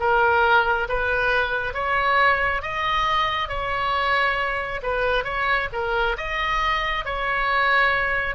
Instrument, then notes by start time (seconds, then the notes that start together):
oboe
0.00 A#4
0.89 B4
1.74 C#5
2.63 D#5
3.49 C#5
4.83 B4
5.25 C#5
5.73 A#4
6.18 D#5
7.05 C#5